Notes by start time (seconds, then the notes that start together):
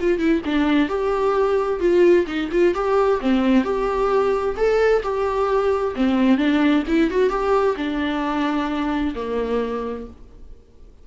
0.00 F4
0.19 E4
0.45 D4
0.88 G4
1.80 F4
2.26 D#4
2.51 F4
2.74 G4
3.20 C4
3.63 G4
4.56 A4
5.03 G4
5.95 C4
6.37 D4
6.87 E4
7.10 F#4
7.29 G4
7.77 D4
9.15 A#3